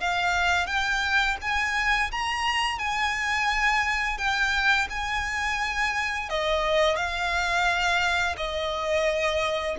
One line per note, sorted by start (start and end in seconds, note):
0.00 0.67 F5
0.67 1.36 G5
1.41 2.11 G#5
2.11 2.78 A#5
2.78 4.18 G#5
4.18 4.88 G5
4.90 6.29 G#5
6.29 6.96 D#5
6.96 8.36 F5
8.37 9.76 D#5